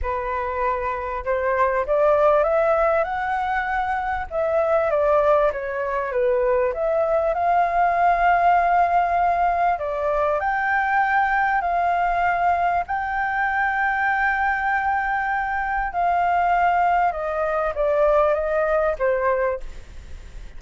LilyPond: \new Staff \with { instrumentName = "flute" } { \time 4/4 \tempo 4 = 98 b'2 c''4 d''4 | e''4 fis''2 e''4 | d''4 cis''4 b'4 e''4 | f''1 |
d''4 g''2 f''4~ | f''4 g''2.~ | g''2 f''2 | dis''4 d''4 dis''4 c''4 | }